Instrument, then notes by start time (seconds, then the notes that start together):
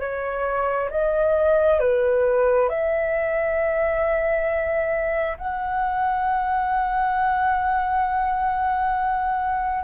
flute
0.00 C#5
0.90 D#5
1.80 B4
2.69 E5
5.38 F#5